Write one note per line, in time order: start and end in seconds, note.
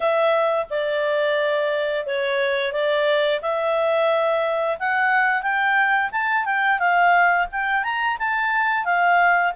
0.00 0.66 E5
0.69 2.06 D5
2.06 2.72 C#5
2.72 3.40 D5
3.41 4.78 E5
4.79 5.42 F#5
5.42 6.10 G5
6.11 6.45 A5
6.45 6.79 G5
6.79 7.47 F5
7.51 7.83 G5
7.83 8.17 A#5
8.18 8.84 A5
8.84 9.52 F5